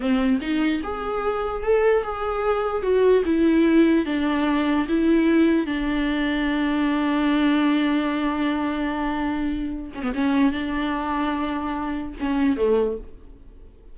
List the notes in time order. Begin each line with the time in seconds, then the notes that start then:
0.00 C4
0.41 D#4
0.83 G#4
1.63 A4
2.03 G#4
2.82 F#4
3.25 E4
4.05 D4
4.88 E4
5.66 D4
9.94 C#4
10.02 B3
10.14 C#4
10.52 D4
12.20 C#4
12.57 A3